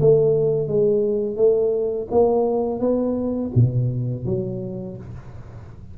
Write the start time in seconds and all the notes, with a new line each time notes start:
0.00 A3
0.68 G#3
1.36 A3
2.11 A#3
2.80 B3
3.55 B2
4.25 F#3